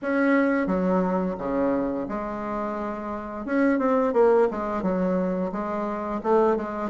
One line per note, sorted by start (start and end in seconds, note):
0.02 0.66 C#4
0.66 1.35 F#3
1.38 2.07 C#3
2.08 3.45 G#3
3.45 3.78 C#4
3.78 4.13 C4
4.13 4.47 A#3
4.50 4.82 G#3
4.82 5.51 F#3
5.51 6.20 G#3
6.23 6.56 A3
6.56 6.90 G#3